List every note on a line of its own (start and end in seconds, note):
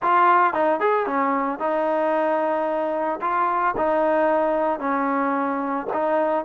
0.02 0.53 F4
0.53 0.80 D#4
0.80 1.06 G#4
1.06 1.59 C#4
1.59 3.19 D#4
3.21 3.74 F4
3.77 4.79 D#4
4.79 5.86 C#4
5.93 6.44 D#4